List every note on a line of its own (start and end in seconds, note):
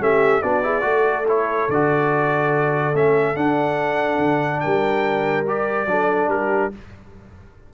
0.00 0.42 A3
0.00 0.42 C#4
0.00 0.43 G4
0.00 0.42 E5
0.42 0.83 B3
0.42 0.63 D4
0.42 0.64 F#4
0.42 1.26 D5
0.63 0.81 E4
0.63 0.85 G#4
0.81 1.67 A3
0.81 1.23 F#4
0.81 4.63 A4
1.28 1.70 E4
1.28 1.70 C#5
1.69 2.94 D3
1.69 2.94 F#4
1.69 2.96 D5
2.94 3.36 A3
2.94 3.35 C#4
2.94 3.36 E5
3.35 5.45 D4
3.35 4.18 D4
3.35 4.60 F#5
4.18 4.60 D3
4.60 5.86 G3
4.60 5.88 A#4
4.60 5.44 G5
5.48 5.88 G4
5.48 6.30 D5
5.86 6.28 F#3
5.86 6.72 D4
5.86 6.31 A4
6.28 6.70 G3
6.28 6.73 G4
6.28 6.72 A#4